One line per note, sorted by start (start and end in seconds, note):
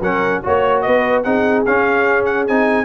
0.00 0.41 F#3
0.00 0.43 C#4
0.00 0.42 A#4
0.00 0.43 F#5
0.43 0.87 A#3
0.43 1.24 F#4
0.43 0.84 C#5
0.43 0.81 C#5
0.81 1.25 B3
0.81 1.25 B4
0.81 1.22 D#5
1.23 1.65 C4
1.23 1.65 D#4
1.23 2.85 G#4
1.23 1.64 F#5
1.65 2.48 C#4
1.65 2.49 C#4
1.65 2.25 F5
2.25 2.45 F#5
2.47 2.85 C4
2.47 2.85 D#4
2.47 2.85 G#5